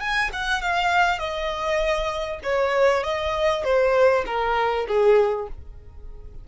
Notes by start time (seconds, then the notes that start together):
0.00 G#5
0.33 F#5
0.61 F5
1.18 D#5
2.43 C#5
3.03 D#5
3.64 C5
4.26 A#4
4.87 G#4